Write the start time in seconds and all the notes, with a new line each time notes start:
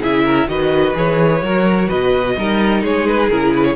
0.00 C#3 E4 G#4 E5
0.24 A#4
0.46 D#3 F#4 B4 D#5
0.94 E3 G#4 C#5
1.41 F#3 F#4 A#4
1.88 B2 B4 D#5
2.36 G3 D#4 A#4
2.82 G#3 G#4 C#5
3.07 B4
3.30 C#3 E4 A#4
3.55 B4
3.64 C#5